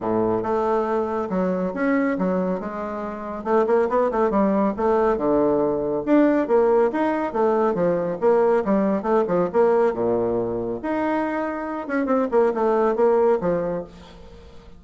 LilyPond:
\new Staff \with { instrumentName = "bassoon" } { \time 4/4 \tempo 4 = 139 a,4 a2 fis4 | cis'4 fis4 gis2 | a8 ais8 b8 a8 g4 a4 | d2 d'4 ais4 |
dis'4 a4 f4 ais4 | g4 a8 f8 ais4 ais,4~ | ais,4 dis'2~ dis'8 cis'8 | c'8 ais8 a4 ais4 f4 | }